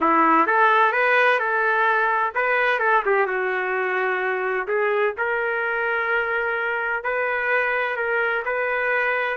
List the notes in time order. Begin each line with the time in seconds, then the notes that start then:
0.00 E4
0.46 A4
0.92 B4
1.39 A4
2.34 B4
2.79 A4
3.05 G4
3.26 F#4
4.67 G#4
5.17 A#4
7.03 B4
7.96 A#4
8.45 B4